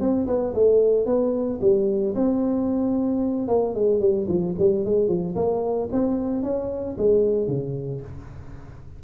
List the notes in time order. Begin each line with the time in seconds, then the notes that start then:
0.00 C4
0.27 B3
0.54 A3
1.06 B3
1.61 G3
2.15 C4
3.48 A#3
3.75 G#3
4.00 G3
4.28 F3
4.58 G3
4.85 G#3
5.08 F3
5.35 A#3
5.92 C4
6.43 C#4
6.98 G#3
7.47 C#3